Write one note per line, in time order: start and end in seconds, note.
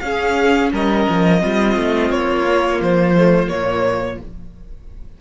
0.00 0.72 C#4
0.00 1.40 C#4
0.00 0.73 G#4
0.00 0.70 F5
0.73 1.07 G3
0.73 1.42 A#4
0.73 2.11 D#5
1.09 1.43 F3
1.40 1.76 G3
1.40 2.45 C4
1.40 4.21 F4
1.76 2.11 A3
2.11 2.80 A#3
2.11 2.81 C#5
2.47 3.17 A#3
2.81 3.51 F3
2.81 3.49 C5
3.17 3.48 A3
3.48 4.20 A#2
3.48 4.18 A#3
3.48 4.19 C#5